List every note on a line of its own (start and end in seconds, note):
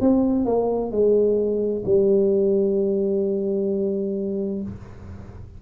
0.00 0.45 C4
0.45 0.91 A#3
0.91 1.83 G#3
1.85 4.62 G3